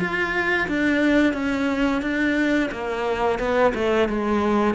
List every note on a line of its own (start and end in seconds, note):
0.00 0.68 F4
0.68 1.34 D4
1.34 2.02 C#4
2.02 2.70 D4
2.71 3.39 A#3
3.39 3.73 B3
3.75 4.09 A3
4.09 4.75 G#3